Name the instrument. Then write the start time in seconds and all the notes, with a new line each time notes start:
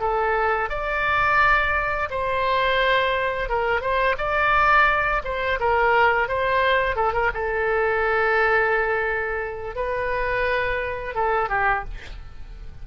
oboe
0.00 A4
0.69 D5
2.10 C5
3.49 A#4
3.81 C5
4.18 D5
5.24 C5
5.60 A#4
6.28 C5
6.96 A4
7.13 A#4
7.34 A4
9.75 B4
11.15 A4
11.49 G4